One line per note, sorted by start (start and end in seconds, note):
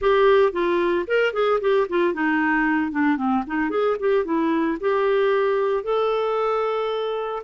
0.01 0.52 G4
0.52 1.05 F4
1.07 1.33 A#4
1.33 1.59 G#4
1.60 1.87 G4
1.88 2.13 F4
2.13 2.91 D#4
2.91 3.17 D4
3.17 3.43 C4
3.46 3.70 D#4
3.70 3.96 G#4
3.99 4.25 G4
4.25 4.78 E4
4.80 5.83 G4
5.83 7.42 A4